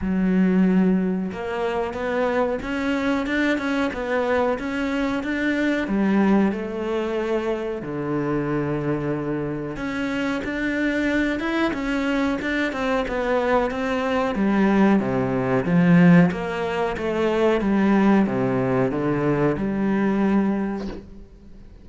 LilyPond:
\new Staff \with { instrumentName = "cello" } { \time 4/4 \tempo 4 = 92 fis2 ais4 b4 | cis'4 d'8 cis'8 b4 cis'4 | d'4 g4 a2 | d2. cis'4 |
d'4. e'8 cis'4 d'8 c'8 | b4 c'4 g4 c4 | f4 ais4 a4 g4 | c4 d4 g2 | }